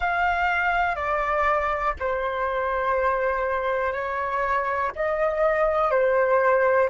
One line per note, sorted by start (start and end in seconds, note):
0.00 0.95 F5
0.95 1.94 D5
1.99 3.93 C5
3.93 4.91 C#5
4.95 5.90 D#5
5.90 6.89 C5